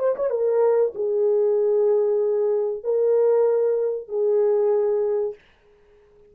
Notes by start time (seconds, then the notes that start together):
0.00 C5
0.16 C#5
0.31 A#4
0.96 G#4
2.84 A#4
4.09 G#4